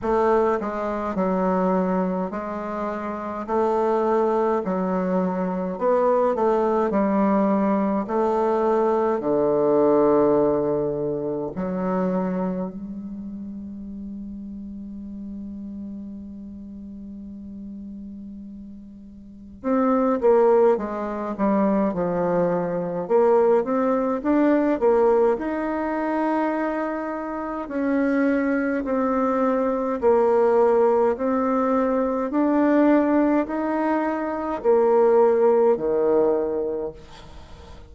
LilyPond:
\new Staff \with { instrumentName = "bassoon" } { \time 4/4 \tempo 4 = 52 a8 gis8 fis4 gis4 a4 | fis4 b8 a8 g4 a4 | d2 fis4 g4~ | g1~ |
g4 c'8 ais8 gis8 g8 f4 | ais8 c'8 d'8 ais8 dis'2 | cis'4 c'4 ais4 c'4 | d'4 dis'4 ais4 dis4 | }